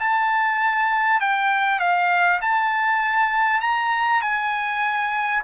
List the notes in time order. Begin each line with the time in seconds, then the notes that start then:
0.00 A5
1.21 G5
1.80 F5
2.42 A5
3.61 A#5
4.22 G#5